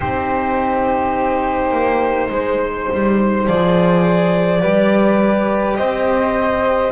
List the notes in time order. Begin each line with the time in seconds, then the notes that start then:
0.00 C4 D#4 G4 C5
1.71 A#3
2.29 G#3 C5
2.93 G3
3.46 F3 G#4 D5
4.59 G3 G4 B4
5.76 C4 C5 D#5